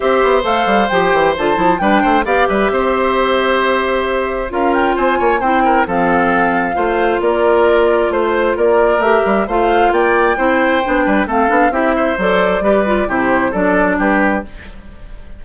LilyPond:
<<
  \new Staff \with { instrumentName = "flute" } { \time 4/4 \tempo 4 = 133 e''4 f''4 g''4 a''4 | g''4 f''8 e''2~ e''8~ | e''2 f''8 g''8 gis''4 | g''4 f''2. |
d''2 c''4 d''4 | e''4 f''4 g''2~ | g''4 f''4 e''4 d''4~ | d''4 c''4 d''4 b'4 | }
  \new Staff \with { instrumentName = "oboe" } { \time 4/4 c''1 | b'8 c''8 d''8 b'8 c''2~ | c''2 ais'4 c''8 cis''8 | c''8 ais'8 a'2 c''4 |
ais'2 c''4 ais'4~ | ais'4 c''4 d''4 c''4~ | c''8 b'8 a'4 g'8 c''4. | b'4 g'4 a'4 g'4 | }
  \new Staff \with { instrumentName = "clarinet" } { \time 4/4 g'4 a'4 g'4 f'8 e'8 | d'4 g'2.~ | g'2 f'2 | e'4 c'2 f'4~ |
f'1 | g'4 f'2 e'4 | d'4 c'8 d'8 e'4 a'4 | g'8 f'8 e'4 d'2 | }
  \new Staff \with { instrumentName = "bassoon" } { \time 4/4 c'8 b8 a8 g8 f8 e8 d8 f8 | g8 a8 b8 g8 c'2~ | c'2 cis'4 c'8 ais8 | c'4 f2 a4 |
ais2 a4 ais4 | a8 g8 a4 ais4 c'4 | b8 g8 a8 b8 c'4 fis4 | g4 c4 fis4 g4 | }
>>